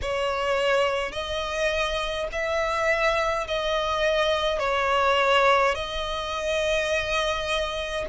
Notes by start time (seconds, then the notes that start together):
0.01 C#5
1.12 D#5
2.31 E5
3.47 D#5
4.59 C#5
5.74 D#5